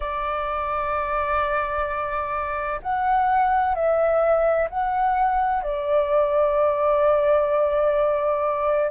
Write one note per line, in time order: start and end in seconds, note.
0.00 2.80 D5
2.82 3.74 F#5
3.74 4.68 E5
4.69 5.62 F#5
5.62 8.90 D5